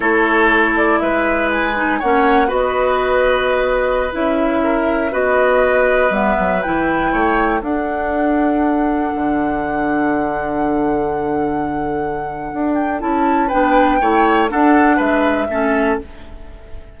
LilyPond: <<
  \new Staff \with { instrumentName = "flute" } { \time 4/4 \tempo 4 = 120 cis''4. d''8 e''4 gis''4 | fis''4 dis''2.~ | dis''16 e''2 dis''4.~ dis''16~ | dis''16 e''4 g''2 fis''8.~ |
fis''1~ | fis''1~ | fis''4. g''8 a''4 g''4~ | g''4 fis''4 e''2 | }
  \new Staff \with { instrumentName = "oboe" } { \time 4/4 a'2 b'2 | cis''4 b'2.~ | b'4~ b'16 ais'4 b'4.~ b'16~ | b'2~ b'16 cis''4 a'8.~ |
a'1~ | a'1~ | a'2. b'4 | cis''4 a'4 b'4 a'4 | }
  \new Staff \with { instrumentName = "clarinet" } { \time 4/4 e'2.~ e'8 dis'8 | cis'4 fis'2.~ | fis'16 e'2 fis'4.~ fis'16~ | fis'16 b4 e'2 d'8.~ |
d'1~ | d'1~ | d'2 e'4 d'4 | e'4 d'2 cis'4 | }
  \new Staff \with { instrumentName = "bassoon" } { \time 4/4 a2 gis2 | ais4 b2.~ | b16 cis'2 b4.~ b16~ | b16 g8 fis8 e4 a4 d'8.~ |
d'2~ d'16 d4.~ d16~ | d1~ | d4 d'4 cis'4 b4 | a4 d'4 gis4 a4 | }
>>